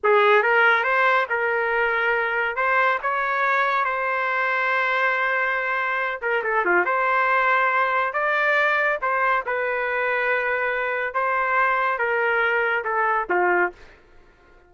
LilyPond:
\new Staff \with { instrumentName = "trumpet" } { \time 4/4 \tempo 4 = 140 gis'4 ais'4 c''4 ais'4~ | ais'2 c''4 cis''4~ | cis''4 c''2.~ | c''2~ c''8 ais'8 a'8 f'8 |
c''2. d''4~ | d''4 c''4 b'2~ | b'2 c''2 | ais'2 a'4 f'4 | }